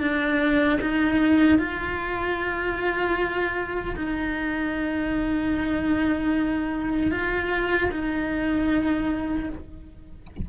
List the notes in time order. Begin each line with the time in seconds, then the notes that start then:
0.00 D4
0.81 D#4
1.59 F4
3.96 D#4
7.12 F4
7.91 D#4